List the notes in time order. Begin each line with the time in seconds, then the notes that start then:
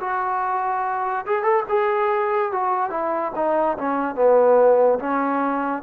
0.00 F#4
1.26 G#4
1.43 A4
1.69 G#4
2.52 F#4
2.90 E4
3.35 D#4
3.78 C#4
4.15 B3
4.99 C#4